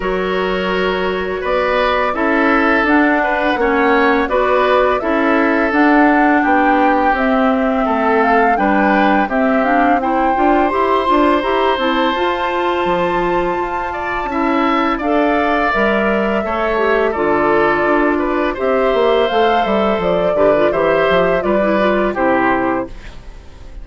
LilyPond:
<<
  \new Staff \with { instrumentName = "flute" } { \time 4/4 \tempo 4 = 84 cis''2 d''4 e''4 | fis''2 d''4 e''4 | fis''4 g''4 e''4. f''8 | g''4 e''8 f''8 g''4 c'''4 |
ais''8 a''2.~ a''8~ | a''4 f''4 e''2 | d''2 e''4 f''8 e''8 | d''4 e''4 d''4 c''4 | }
  \new Staff \with { instrumentName = "oboe" } { \time 4/4 ais'2 b'4 a'4~ | a'8 b'8 cis''4 b'4 a'4~ | a'4 g'2 a'4 | b'4 g'4 c''2~ |
c''2.~ c''8 d''8 | e''4 d''2 cis''4 | a'4. b'8 c''2~ | c''8 b'8 c''4 b'4 g'4 | }
  \new Staff \with { instrumentName = "clarinet" } { \time 4/4 fis'2. e'4 | d'4 cis'4 fis'4 e'4 | d'2 c'2 | d'4 c'8 d'8 e'8 f'8 g'8 f'8 |
g'8 e'8 f'2. | e'4 a'4 ais'4 a'8 g'8 | f'2 g'4 a'4~ | a'8 g'16 f'16 g'4 f'16 e'16 f'8 e'4 | }
  \new Staff \with { instrumentName = "bassoon" } { \time 4/4 fis2 b4 cis'4 | d'4 ais4 b4 cis'4 | d'4 b4 c'4 a4 | g4 c'4. d'8 e'8 d'8 |
e'8 c'8 f'4 f4 f'4 | cis'4 d'4 g4 a4 | d4 d'4 c'8 ais8 a8 g8 | f8 d8 e8 f8 g4 c4 | }
>>